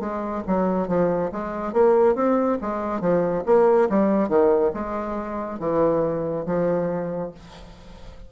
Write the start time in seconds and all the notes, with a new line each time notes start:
0.00 G#3
0.47 F#3
0.88 F3
1.32 G#3
1.73 A#3
2.15 C4
2.61 G#3
3.01 F3
3.46 A#3
3.90 G3
4.29 D#3
4.74 G#3
5.60 E3
6.46 F3